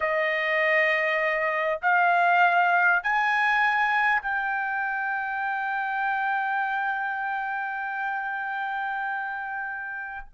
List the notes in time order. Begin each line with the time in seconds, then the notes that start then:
0.00 D#5
1.82 F5
3.03 G#5
4.21 G5